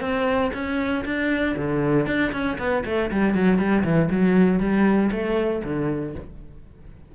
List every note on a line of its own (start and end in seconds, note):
0.00 0.51 C4
0.53 1.04 C#4
1.05 1.56 D4
1.56 2.06 D3
2.06 2.32 D4
2.32 2.57 C#4
2.58 2.84 B3
2.85 3.10 A3
3.11 3.34 G3
3.34 3.58 F#3
3.58 3.83 G3
3.84 4.09 E3
4.10 4.59 F#3
4.59 5.10 G3
5.11 5.62 A3
5.63 6.14 D3